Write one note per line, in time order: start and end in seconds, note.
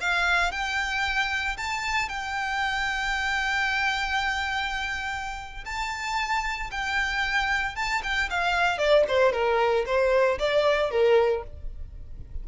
0.00 0.51 F5
0.51 1.56 G5
1.57 2.09 A5
2.09 5.64 G5
5.65 6.70 A5
6.71 7.75 G5
7.75 8.02 A5
8.03 8.29 G5
8.30 8.78 F5
8.78 9.04 D5
9.08 9.32 C5
9.32 9.85 A#4
9.86 10.38 C5
10.39 10.90 D5
10.90 11.43 A#4